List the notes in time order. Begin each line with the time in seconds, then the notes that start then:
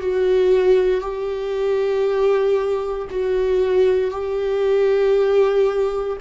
0.00 F#4
1.00 G4
3.09 F#4
4.11 G4